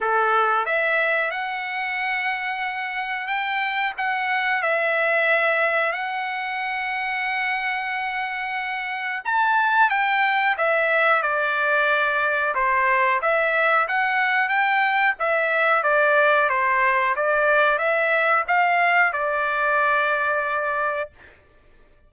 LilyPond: \new Staff \with { instrumentName = "trumpet" } { \time 4/4 \tempo 4 = 91 a'4 e''4 fis''2~ | fis''4 g''4 fis''4 e''4~ | e''4 fis''2.~ | fis''2 a''4 g''4 |
e''4 d''2 c''4 | e''4 fis''4 g''4 e''4 | d''4 c''4 d''4 e''4 | f''4 d''2. | }